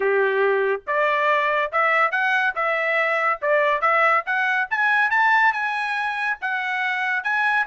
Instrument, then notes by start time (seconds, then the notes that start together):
trumpet
0.00 G4
0.86 D5
1.72 E5
2.11 F#5
2.55 E5
3.41 D5
3.81 E5
4.26 F#5
4.70 G#5
5.10 A5
5.52 G#5
6.41 F#5
7.23 G#5